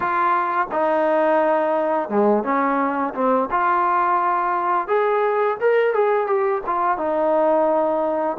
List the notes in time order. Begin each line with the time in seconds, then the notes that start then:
0.00 F4
0.71 D#4
2.09 G#3
2.43 C#4
3.14 C4
3.51 F4
4.87 G#4
5.60 A#4
5.94 G#4
6.26 G4
6.66 F4
6.97 D#4